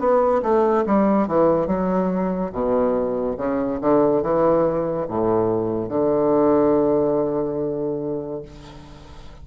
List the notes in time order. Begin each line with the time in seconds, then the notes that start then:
0.00 B3
0.43 A3
0.86 G3
1.28 E3
1.67 F#3
2.53 B2
3.38 C#3
3.81 D3
4.23 E3
5.09 A2
5.89 D3